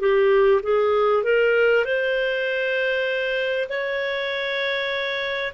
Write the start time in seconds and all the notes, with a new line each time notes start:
0.00 G4
0.63 G#4
1.24 A#4
1.85 C5
3.69 C#5